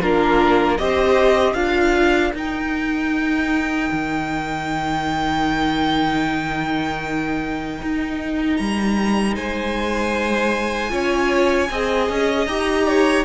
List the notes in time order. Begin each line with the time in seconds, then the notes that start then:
0.00 A#3 D4 F4 A#4
0.78 C4 G4 C5 D#5
1.54 D4 F4 A#4 F5
2.34 D#4 G5
3.92 D#3
7.82 D#4
8.56 G3 A#5
9.36 G#3 C5 G#5
10.89 C#4 F4 C#5
11.70 C4 G#4 D#5
12.09 C#4
12.46 D#4 G4 A#5
12.89 C#5